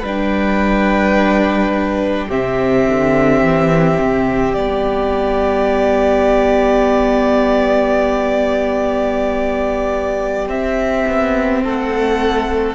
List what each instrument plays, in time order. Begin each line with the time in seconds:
0.00 cello G3, viola D4, violin B4 G5
2.28 cello C3, viola C4, violin G4 E5
2.87 cello D3
3.42 cello E3
4.00 cello C3
4.53 cello G3, viola B3, violin D5
10.48 cello C4, viola C4, violin E5
11.07 cello B3
11.63 cello A3, violin A4 F#5